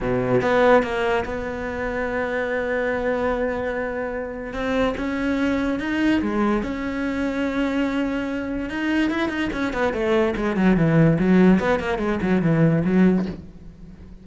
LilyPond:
\new Staff \with { instrumentName = "cello" } { \time 4/4 \tempo 4 = 145 b,4 b4 ais4 b4~ | b1~ | b2. c'4 | cis'2 dis'4 gis4 |
cis'1~ | cis'4 dis'4 e'8 dis'8 cis'8 b8 | a4 gis8 fis8 e4 fis4 | b8 ais8 gis8 fis8 e4 fis4 | }